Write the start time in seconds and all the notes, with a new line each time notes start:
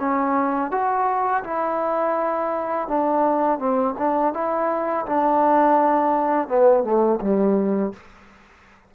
0.00 C#4
0.72 F#4
1.44 E4
2.88 D4
3.59 C4
3.99 D4
4.34 E4
5.06 D4
6.48 B3
6.84 A3
7.21 G3